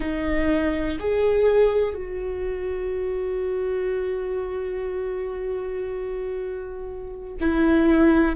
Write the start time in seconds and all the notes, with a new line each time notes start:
0.00 D#4
0.99 G#4
1.94 F#4
7.40 E4